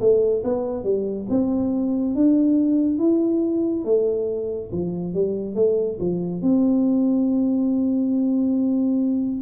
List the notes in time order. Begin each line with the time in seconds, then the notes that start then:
0.00 A3
0.44 B3
0.84 G3
1.30 C4
2.15 D4
2.99 E4
3.85 A3
4.72 F3
5.14 G3
5.55 A3
6.00 F3
6.42 C4